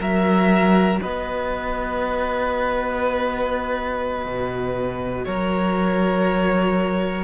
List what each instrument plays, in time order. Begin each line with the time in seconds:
0.00 cello F#3, viola F#4, violin A#4 E5
1.01 cello B3, violin B4 D#5
4.26 cello B2
5.25 cello F#3, violin A#4 C#5